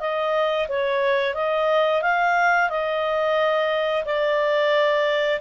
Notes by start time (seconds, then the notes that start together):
0.00 D#5
0.68 C#5
1.35 D#5
2.02 F5
2.70 D#5
4.05 D5